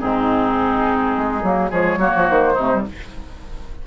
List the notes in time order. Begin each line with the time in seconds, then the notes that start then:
0.00 G#2 C4 D#4 G#4
1.17 G#3
1.43 F#3 A#3
1.70 F3 G#3 G#4 C#5
1.97 F#3 A#3 F#4
2.16 F3
2.29 D#3 C5
2.54 C3 A3 D#4
2.73 G3